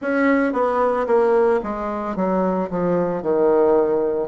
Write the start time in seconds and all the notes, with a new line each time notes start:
0.01 C#4
0.53 B3
1.06 A#3
1.63 G#3
2.15 F#3
2.70 F3
3.22 D#3